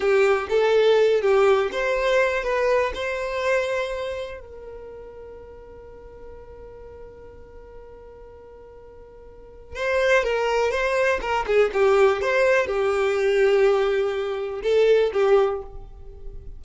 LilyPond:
\new Staff \with { instrumentName = "violin" } { \time 4/4 \tempo 4 = 123 g'4 a'4. g'4 c''8~ | c''4 b'4 c''2~ | c''4 ais'2.~ | ais'1~ |
ais'1 | c''4 ais'4 c''4 ais'8 gis'8 | g'4 c''4 g'2~ | g'2 a'4 g'4 | }